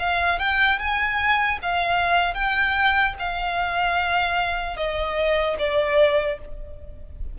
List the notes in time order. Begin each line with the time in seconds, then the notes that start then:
0.00 F5
0.40 G5
0.80 G#5
1.63 F5
2.35 G5
3.19 F5
4.77 D#5
5.59 D5